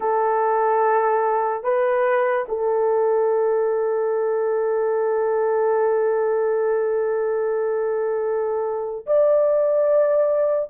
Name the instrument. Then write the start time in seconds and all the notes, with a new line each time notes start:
horn
0.00 A4
1.63 B4
2.48 A4
9.06 D5